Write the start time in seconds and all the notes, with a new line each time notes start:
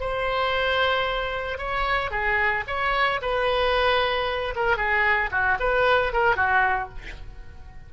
0.00 C5
1.58 C#5
2.11 G#4
2.67 C#5
3.22 B4
4.56 A#4
4.77 G#4
5.31 F#4
5.60 B4
6.13 A#4
6.36 F#4